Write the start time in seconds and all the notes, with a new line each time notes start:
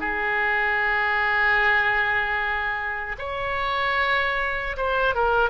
0.00 G#4
3.18 C#5
4.77 C5
5.15 A#4